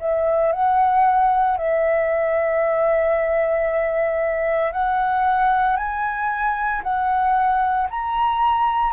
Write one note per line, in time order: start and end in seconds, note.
0.00 0.52 E5
0.52 1.57 F#5
1.57 4.72 E5
4.72 5.77 F#5
5.77 6.82 G#5
6.83 7.88 F#5
7.90 8.93 A#5